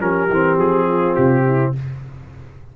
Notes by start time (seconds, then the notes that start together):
0.00 F3 C#4 G4 A#4
0.30 E3 C4
0.58 F3 G#4
0.88 F4
1.15 C3 G4
1.46 E4